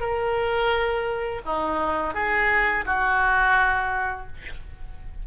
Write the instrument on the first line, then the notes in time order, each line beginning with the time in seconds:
oboe
0.00 A#4
1.45 D#4
2.14 G#4
2.86 F#4